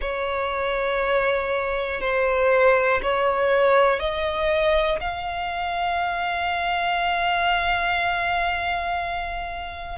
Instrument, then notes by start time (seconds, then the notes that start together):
violin
0.01 C#5
2.00 C5
3.02 C#5
3.99 D#5
5.00 F5